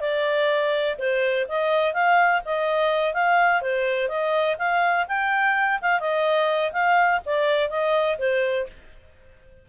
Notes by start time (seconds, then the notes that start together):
0.00 D5
0.98 C5
1.48 D#5
1.93 F5
2.45 D#5
3.14 F5
3.62 C5
4.08 D#5
4.58 F5
5.08 G5
5.81 F5
6.00 D#5
6.72 F5
7.25 D5
7.70 D#5
8.18 C5